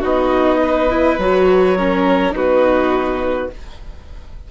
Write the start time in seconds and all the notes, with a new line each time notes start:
0.00 B3 D#4 F#4 D#5
0.64 B4
0.90 E4
1.18 F#3 F#4 C#5
1.78 C#4 A#4
2.32 B3 D#4 F#4 B4